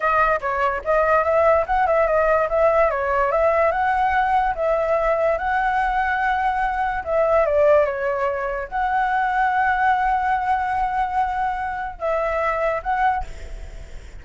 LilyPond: \new Staff \with { instrumentName = "flute" } { \time 4/4 \tempo 4 = 145 dis''4 cis''4 dis''4 e''4 | fis''8 e''8 dis''4 e''4 cis''4 | e''4 fis''2 e''4~ | e''4 fis''2.~ |
fis''4 e''4 d''4 cis''4~ | cis''4 fis''2.~ | fis''1~ | fis''4 e''2 fis''4 | }